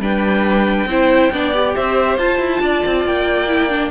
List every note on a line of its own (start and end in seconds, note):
0.00 0.86 G3
0.00 0.89 D4
0.00 0.89 B4
0.00 1.76 G5
0.86 1.30 C4
0.86 1.33 E4
0.86 1.33 C5
1.32 1.75 B3
1.32 1.54 D4
1.32 1.76 D5
1.54 2.19 G4
1.76 2.18 C4
1.76 2.63 C5
1.76 2.19 E5
2.18 2.39 F4
2.18 3.49 F4
2.18 3.06 A5
2.39 2.61 E4
2.61 2.83 D4
2.61 3.91 D5
2.87 3.06 C4
3.06 3.91 A#3
3.06 3.91 G5
3.49 3.70 E4
3.70 3.91 D4